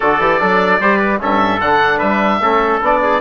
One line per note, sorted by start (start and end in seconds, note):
0.00 0.19 D3
0.00 0.20 F#4
0.00 0.40 A4
0.00 1.18 D5
0.19 0.39 E3
0.19 0.39 G4
0.39 0.80 F#3
0.39 0.80 D4
0.39 0.79 A4
0.80 1.20 G3
0.80 1.20 G4
0.80 0.98 C5
0.98 1.18 B4
1.20 1.60 G2
1.20 1.60 C#4
1.20 1.97 A4
1.20 1.60 E5
1.60 2.01 D3
1.60 2.41 D4
1.60 1.99 F#5
1.97 2.40 G3
1.97 2.38 B4
1.97 2.79 E5
2.40 2.80 A3
2.40 2.81 C#4
2.40 3.02 A4
2.81 3.20 B3
2.81 3.20 D4
2.81 3.20 D5
3.02 3.20 G#4